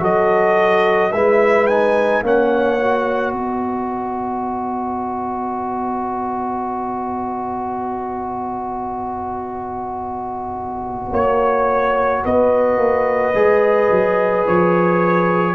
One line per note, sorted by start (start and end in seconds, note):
0.00 1.13 F#3
0.00 1.11 F#4
0.00 1.12 A4
0.00 1.12 D#5
1.12 2.23 G#3
1.12 1.70 E4
1.12 2.24 B4
1.12 1.67 E5
1.67 2.24 D#4
1.67 2.23 G#5
2.23 3.33 A#3
2.23 2.79 C#4
2.23 3.36 C#5
2.23 3.33 F#5
2.80 13.35 F#4
3.33 11.11 B3
3.33 11.12 B4
3.33 11.11 D#5
11.12 12.23 A#3
11.12 12.23 C#5
11.12 12.25 C#5
12.25 12.78 B3
12.25 15.56 B4
12.25 14.48 D#5
12.78 13.34 A#3
13.34 13.90 G#3
13.34 15.56 G#4
13.91 14.47 F#3
14.48 15.56 F3
14.48 15.56 C#5